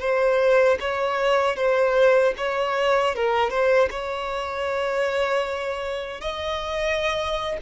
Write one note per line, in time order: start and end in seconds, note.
0.00 0.78 C5
0.80 1.56 C#5
1.56 2.34 C5
2.37 3.15 C#5
3.16 3.50 A#4
3.50 3.89 C5
3.90 6.21 C#5
6.21 7.57 D#5